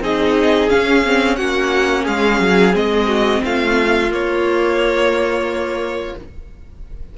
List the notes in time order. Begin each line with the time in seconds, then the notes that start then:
0.00 C4 D#4 G#4 D#5
0.69 C#4 F5
1.05 C4
1.36 A#3 C#4 F#4 F#5
2.04 G#3 G#4 F5
2.39 F#3
2.73 G#3 C4 D#5
3.07 F#4
3.44 A3 F4 F5
4.10 A#3 C#5